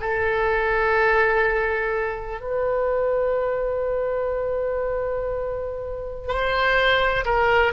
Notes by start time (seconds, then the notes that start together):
0.00 A4
2.41 B4
6.28 C5
7.25 A#4